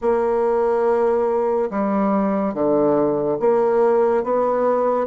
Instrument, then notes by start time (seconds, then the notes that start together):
bassoon
0.01 A#3
1.70 G3
2.54 D3
3.39 A#3
4.23 B3